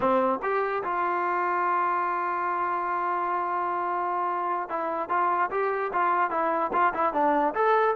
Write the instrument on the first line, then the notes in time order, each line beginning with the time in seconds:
trombone
0.00 C4
0.42 G4
0.83 F4
4.69 E4
5.09 F4
5.50 G4
5.93 F4
6.30 E4
6.73 F4
6.94 E4
7.13 D4
7.54 A4